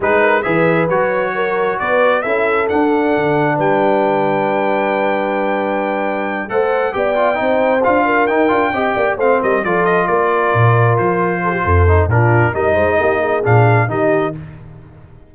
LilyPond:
<<
  \new Staff \with { instrumentName = "trumpet" } { \time 4/4 \tempo 4 = 134 b'4 e''4 cis''2 | d''4 e''4 fis''2 | g''1~ | g''2~ g''8 fis''4 g''8~ |
g''4. f''4 g''4.~ | g''8 f''8 dis''8 d''8 dis''8 d''4.~ | d''8 c''2~ c''8 ais'4 | dis''2 f''4 dis''4 | }
  \new Staff \with { instrumentName = "horn" } { \time 4/4 gis'8 ais'8 b'2 ais'4 | b'4 a'2. | b'1~ | b'2~ b'8 c''4 d''8~ |
d''8 c''4. ais'4. dis''8 | d''8 c''8 ais'8 a'4 ais'4.~ | ais'4. a'16 g'16 a'4 f'4 | ais'8 c''8 g'8 gis'4. g'4 | }
  \new Staff \with { instrumentName = "trombone" } { \time 4/4 dis'4 gis'4 fis'2~ | fis'4 e'4 d'2~ | d'1~ | d'2~ d'8 a'4 g'8 |
f'8 dis'4 f'4 dis'8 f'8 g'8~ | g'8 c'4 f'2~ f'8~ | f'2~ f'8 dis'8 d'4 | dis'2 d'4 dis'4 | }
  \new Staff \with { instrumentName = "tuba" } { \time 4/4 gis4 e4 fis2 | b4 cis'4 d'4 d4 | g1~ | g2~ g8 a4 b8~ |
b8 c'4 d'4 dis'8 d'8 c'8 | ais8 a8 g8 f4 ais4 ais,8~ | ais,8 f4. f,4 ais,4 | g8 gis8 ais4 ais,4 dis4 | }
>>